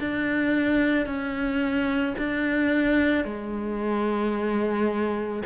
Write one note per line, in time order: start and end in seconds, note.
0.00 1.06 D4
1.06 2.15 C#4
2.18 3.24 D4
3.24 5.42 G#3